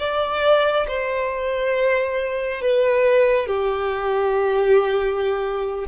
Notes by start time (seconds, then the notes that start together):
0.00 D5
0.88 C5
2.61 B4
3.47 G4